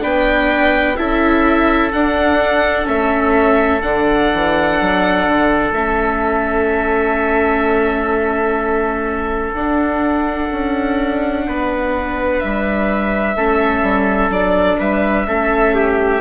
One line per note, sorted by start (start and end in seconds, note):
0.00 0.98 B3
0.00 0.95 D4
0.00 0.97 B4
0.00 0.96 G5
0.96 1.93 C#4
0.96 1.92 E4
0.96 11.45 A4
0.96 1.91 E5
1.91 2.85 D4
1.91 2.88 D4
1.91 2.87 F#5
2.85 3.83 A3
2.85 3.80 C#4
2.85 3.81 E5
3.81 4.31 D3
3.81 5.72 D4
3.81 5.72 F#5
4.33 4.80 E3
4.80 5.27 F#3
5.27 5.71 D3
5.71 9.52 A3
5.71 9.55 C#4
5.71 9.53 E5
9.53 10.48 D4
9.53 13.36 D4
9.53 12.39 F#5
10.51 11.46 C#4
11.46 12.42 B3
11.46 13.36 B4
12.39 13.35 G3
12.39 14.30 E5
13.35 13.82 A3
13.35 14.31 C#4
13.35 14.78 A4
13.82 14.29 G3
14.29 14.77 F#3
14.29 15.26 D4
14.29 14.79 D5
14.78 15.26 G3
14.78 15.26 B4
14.78 16.20 E5
15.26 16.20 A3
15.26 16.20 C#4
15.26 15.74 A4
15.74 16.20 G4